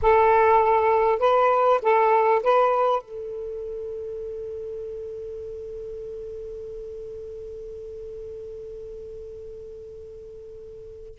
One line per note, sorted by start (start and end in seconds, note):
0.02 1.19 A4
1.19 1.79 B4
1.82 2.42 A4
2.42 3.01 B4
3.01 11.19 A4